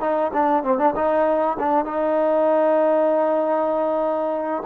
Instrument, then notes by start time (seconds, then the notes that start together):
trombone
0.00 D#4
0.33 D4
0.63 C4
0.78 D4
0.95 D#4
1.59 D4
1.84 D#4